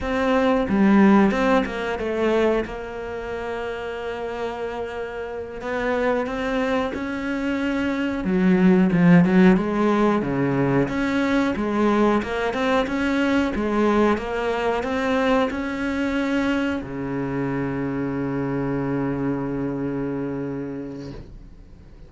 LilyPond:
\new Staff \with { instrumentName = "cello" } { \time 4/4 \tempo 4 = 91 c'4 g4 c'8 ais8 a4 | ais1~ | ais8 b4 c'4 cis'4.~ | cis'8 fis4 f8 fis8 gis4 cis8~ |
cis8 cis'4 gis4 ais8 c'8 cis'8~ | cis'8 gis4 ais4 c'4 cis'8~ | cis'4. cis2~ cis8~ | cis1 | }